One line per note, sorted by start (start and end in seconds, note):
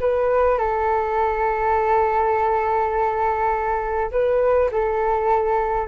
0.00 0.58 B4
0.58 4.11 A4
4.12 4.71 B4
4.72 5.88 A4